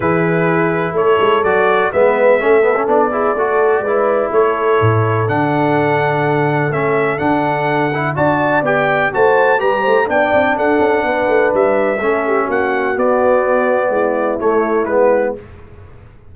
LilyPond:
<<
  \new Staff \with { instrumentName = "trumpet" } { \time 4/4 \tempo 4 = 125 b'2 cis''4 d''4 | e''2 d''2~ | d''4 cis''2 fis''4~ | fis''2 e''4 fis''4~ |
fis''4 a''4 g''4 a''4 | ais''4 g''4 fis''2 | e''2 fis''4 d''4~ | d''2 cis''4 b'4 | }
  \new Staff \with { instrumentName = "horn" } { \time 4/4 gis'2 a'2 | b'4 a'4. gis'8 a'4 | b'4 a'2.~ | a'1~ |
a'4 d''2 c''4 | b'8 c''8 d''4 a'4 b'4~ | b'4 a'8 g'8 fis'2~ | fis'4 e'2. | }
  \new Staff \with { instrumentName = "trombone" } { \time 4/4 e'2. fis'4 | b4 cis'8 b16 cis'16 d'8 e'8 fis'4 | e'2. d'4~ | d'2 cis'4 d'4~ |
d'8 e'8 fis'4 g'4 fis'4 | g'4 d'2.~ | d'4 cis'2 b4~ | b2 a4 b4 | }
  \new Staff \with { instrumentName = "tuba" } { \time 4/4 e2 a8 gis8 fis4 | gis4 a4 b4 a4 | gis4 a4 a,4 d4~ | d2 a4 d4~ |
d4 d'4 b4 a4 | g8 a8 b8 c'8 d'8 cis'8 b8 a8 | g4 a4 ais4 b4~ | b4 gis4 a4 gis4 | }
>>